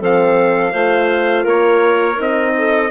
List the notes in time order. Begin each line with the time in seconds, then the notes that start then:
0.00 F3 C4 A4 F5
0.72 A3 F4 C5
1.43 A#3 A#4 C#5
2.16 C4 D#4 D#5
2.57 A4